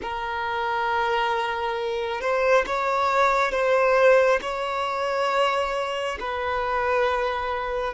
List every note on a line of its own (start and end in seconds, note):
0.02 2.20 A#4
2.20 2.64 C5
2.66 3.51 C#5
3.51 4.39 C5
4.41 6.18 C#5
6.20 7.94 B4